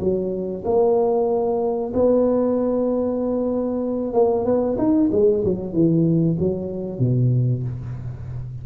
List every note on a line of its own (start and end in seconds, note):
0.00 0.64 F#3
0.65 1.92 A#3
1.94 4.14 B3
4.14 4.45 A#3
4.45 4.77 B3
4.78 5.10 D#4
5.12 5.44 G#3
5.45 5.73 F#3
5.73 6.37 E3
6.39 6.99 F#3
6.99 7.63 B2